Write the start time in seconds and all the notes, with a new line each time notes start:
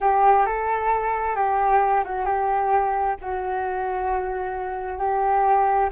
0.01 G4
0.45 A4
1.35 G4
2.04 F#4
2.25 G4
3.21 F#4
4.98 G4